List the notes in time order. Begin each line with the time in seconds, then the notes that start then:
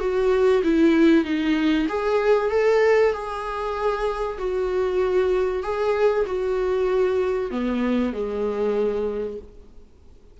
0.00 F#4
0.64 E4
1.24 D#4
1.89 G#4
2.50 A4
3.13 G#4
4.38 F#4
5.63 G#4
6.26 F#4
7.51 B3
8.13 G#3